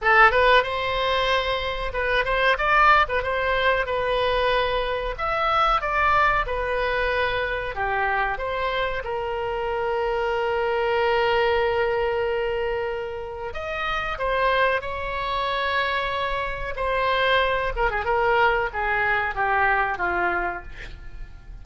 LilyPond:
\new Staff \with { instrumentName = "oboe" } { \time 4/4 \tempo 4 = 93 a'8 b'8 c''2 b'8 c''8 | d''8. b'16 c''4 b'2 | e''4 d''4 b'2 | g'4 c''4 ais'2~ |
ais'1~ | ais'4 dis''4 c''4 cis''4~ | cis''2 c''4. ais'16 gis'16 | ais'4 gis'4 g'4 f'4 | }